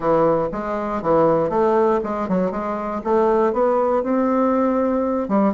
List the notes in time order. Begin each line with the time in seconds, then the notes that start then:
0.00 E3
0.52 G#3
1.02 E3
1.49 A3
2.03 G#3
2.28 F#3
2.51 G#3
3.04 A3
3.52 B3
4.03 C4
5.28 G3